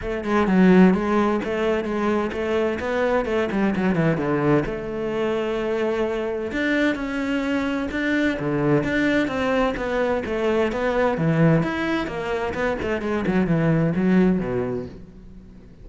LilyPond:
\new Staff \with { instrumentName = "cello" } { \time 4/4 \tempo 4 = 129 a8 gis8 fis4 gis4 a4 | gis4 a4 b4 a8 g8 | fis8 e8 d4 a2~ | a2 d'4 cis'4~ |
cis'4 d'4 d4 d'4 | c'4 b4 a4 b4 | e4 e'4 ais4 b8 a8 | gis8 fis8 e4 fis4 b,4 | }